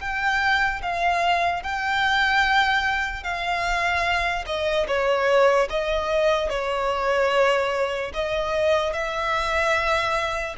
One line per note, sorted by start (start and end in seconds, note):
0.00 0.81 G5
0.82 1.63 F5
1.63 3.23 G5
3.23 4.44 F5
4.46 4.86 D#5
4.87 5.68 C#5
5.69 6.49 D#5
6.49 8.12 C#5
8.13 8.93 D#5
8.93 10.55 E5